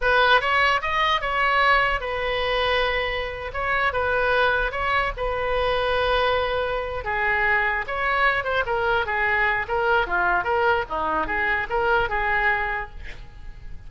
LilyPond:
\new Staff \with { instrumentName = "oboe" } { \time 4/4 \tempo 4 = 149 b'4 cis''4 dis''4 cis''4~ | cis''4 b'2.~ | b'8. cis''4 b'2 cis''16~ | cis''8. b'2.~ b'16~ |
b'4. gis'2 cis''8~ | cis''4 c''8 ais'4 gis'4. | ais'4 f'4 ais'4 dis'4 | gis'4 ais'4 gis'2 | }